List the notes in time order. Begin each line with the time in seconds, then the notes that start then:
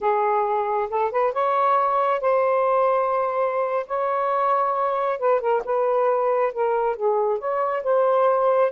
0.01 G#4
0.89 A4
1.11 B4
1.32 C#5
2.21 C5
3.86 C#5
5.18 B4
5.40 A#4
5.65 B4
6.52 A#4
6.96 G#4
7.38 C#5
7.83 C5